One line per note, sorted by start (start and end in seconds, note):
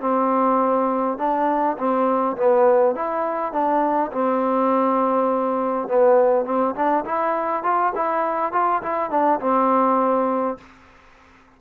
0.00 1.18 C4
1.18 1.76 D4
1.78 2.36 C4
2.36 2.95 B3
2.95 3.52 E4
3.52 4.11 D4
4.11 5.88 C4
5.88 6.45 B3
6.45 6.75 C4
6.75 7.04 D4
7.05 7.63 E4
7.63 7.93 F4
7.95 8.52 E4
8.52 8.82 F4
8.82 9.10 E4
9.10 9.40 D4
9.40 10.57 C4